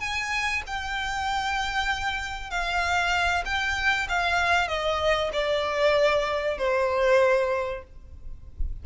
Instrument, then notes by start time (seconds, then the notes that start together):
violin
0.00 G#5
0.67 G5
2.50 F5
3.45 G5
4.09 F5
4.68 D#5
5.33 D5
6.58 C5